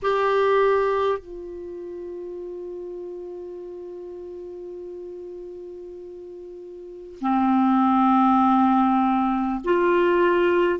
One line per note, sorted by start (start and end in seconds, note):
0.02 1.18 G4
1.18 7.18 F4
7.20 9.60 C4
9.64 10.79 F4